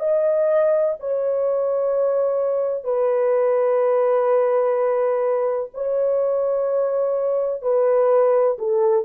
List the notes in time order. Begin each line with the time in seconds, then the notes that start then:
0.00 D#5
1.00 C#5
2.84 B4
5.74 C#5
7.62 B4
8.58 A4